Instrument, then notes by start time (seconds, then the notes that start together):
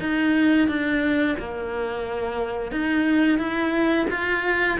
cello
0.00 D#4
0.68 D4
1.39 A#3
2.72 D#4
3.38 E4
4.10 F4